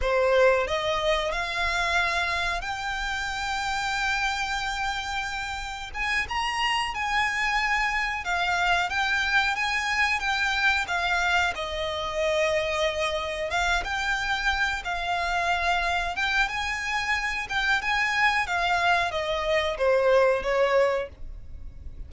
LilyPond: \new Staff \with { instrumentName = "violin" } { \time 4/4 \tempo 4 = 91 c''4 dis''4 f''2 | g''1~ | g''4 gis''8 ais''4 gis''4.~ | gis''8 f''4 g''4 gis''4 g''8~ |
g''8 f''4 dis''2~ dis''8~ | dis''8 f''8 g''4. f''4.~ | f''8 g''8 gis''4. g''8 gis''4 | f''4 dis''4 c''4 cis''4 | }